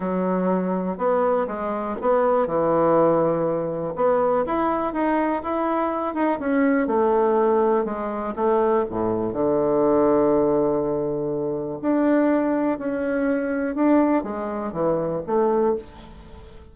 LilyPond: \new Staff \with { instrumentName = "bassoon" } { \time 4/4 \tempo 4 = 122 fis2 b4 gis4 | b4 e2. | b4 e'4 dis'4 e'4~ | e'8 dis'8 cis'4 a2 |
gis4 a4 a,4 d4~ | d1 | d'2 cis'2 | d'4 gis4 e4 a4 | }